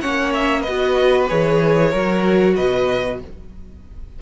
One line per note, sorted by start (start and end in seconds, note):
0.00 0.67 A#3
0.00 0.65 C#4
0.00 0.61 C#5
0.00 0.32 F#5
0.33 0.62 E5
0.61 1.88 B4
0.61 1.25 D#5
0.67 1.30 B3
0.67 1.28 F#4
1.28 1.93 E3
1.28 1.92 G#4
1.28 2.55 C#5
1.90 2.57 F#3
1.90 3.21 F#4
1.90 2.54 A#4
2.55 3.21 B2
2.55 3.19 B4
2.55 3.19 D#5